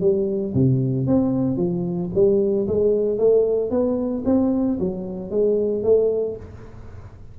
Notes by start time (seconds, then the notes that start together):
0.00 G3
0.54 C3
1.06 C4
1.57 F3
2.14 G3
2.67 G#3
3.18 A3
3.70 B3
4.25 C4
4.79 F#3
5.30 G#3
5.83 A3